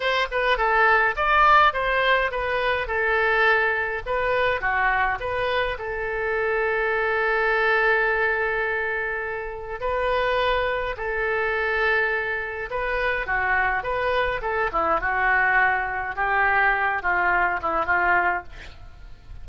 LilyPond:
\new Staff \with { instrumentName = "oboe" } { \time 4/4 \tempo 4 = 104 c''8 b'8 a'4 d''4 c''4 | b'4 a'2 b'4 | fis'4 b'4 a'2~ | a'1~ |
a'4 b'2 a'4~ | a'2 b'4 fis'4 | b'4 a'8 e'8 fis'2 | g'4. f'4 e'8 f'4 | }